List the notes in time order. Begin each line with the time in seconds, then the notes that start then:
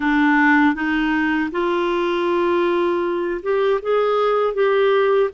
0.00 D4
0.74 D#4
1.51 F4
3.42 G4
3.82 G#4
4.54 G4